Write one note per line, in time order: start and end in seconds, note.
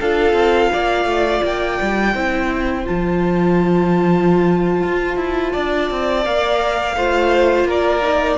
0.00 0.33 D4
0.00 2.14 F4
0.00 0.71 A4
0.00 1.43 F5
0.33 0.68 C4
0.72 1.04 A#3
0.72 2.13 D5
1.04 1.40 A3
1.43 1.79 A#3
1.43 2.86 G5
1.82 2.14 G3
2.13 2.86 C4
2.13 2.85 E4
2.13 5.52 C5
2.85 4.83 F3
2.85 6.24 F4
2.85 6.24 A5
4.83 5.16 F4
5.16 5.51 E4
5.52 5.90 D4
5.52 6.95 D5
5.90 6.25 C4
6.24 6.95 A#3
6.24 6.95 A#4
6.24 7.67 F5
6.95 7.64 A3
6.95 8.01 F4
6.95 7.67 C5
7.64 8.35 A#3
7.64 8.37 A#4
7.64 8.37 D5
8.01 8.37 D#4